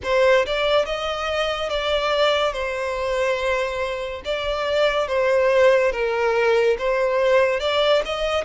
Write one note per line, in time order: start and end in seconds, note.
0.03 0.45 C5
0.46 0.85 D5
0.85 1.69 D#5
1.69 2.52 D5
2.52 4.21 C5
4.24 5.07 D5
5.07 5.92 C5
5.92 6.76 A#4
6.78 7.60 C5
7.60 8.02 D5
8.05 8.44 D#5